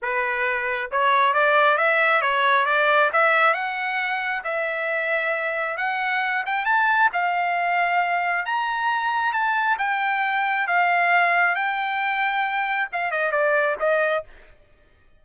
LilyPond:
\new Staff \with { instrumentName = "trumpet" } { \time 4/4 \tempo 4 = 135 b'2 cis''4 d''4 | e''4 cis''4 d''4 e''4 | fis''2 e''2~ | e''4 fis''4. g''8 a''4 |
f''2. ais''4~ | ais''4 a''4 g''2 | f''2 g''2~ | g''4 f''8 dis''8 d''4 dis''4 | }